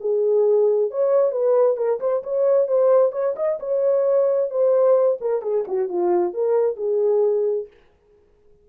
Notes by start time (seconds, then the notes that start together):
0.00 G#4
0.90 C#5
1.31 B4
1.76 A#4
2.00 C5
2.23 C#5
2.67 C5
3.12 C#5
3.36 D#5
3.59 C#5
4.50 C5
5.20 A#4
5.42 G#4
5.67 F#4
5.88 F4
6.33 A#4
6.76 G#4